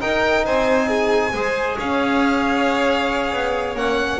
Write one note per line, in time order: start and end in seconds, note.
0.00 1.32 D#4
0.00 0.46 D#4
0.00 0.45 A#4
0.00 0.45 G5
0.45 1.33 C4
0.45 0.88 C5
0.45 1.78 G#5
0.88 1.32 G#4
1.33 1.77 G#3
1.33 3.76 G#4
1.33 1.77 C5
1.77 3.32 C#4
1.77 4.19 C#5
1.77 3.77 F5
3.32 3.74 B3
3.74 4.18 A#3
3.74 4.19 C#4
3.74 4.19 F#5